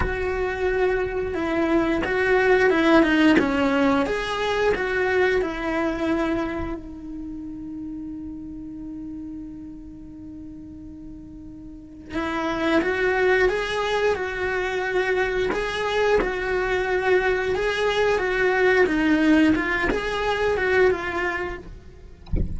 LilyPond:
\new Staff \with { instrumentName = "cello" } { \time 4/4 \tempo 4 = 89 fis'2 e'4 fis'4 | e'8 dis'8 cis'4 gis'4 fis'4 | e'2 dis'2~ | dis'1~ |
dis'2 e'4 fis'4 | gis'4 fis'2 gis'4 | fis'2 gis'4 fis'4 | dis'4 f'8 gis'4 fis'8 f'4 | }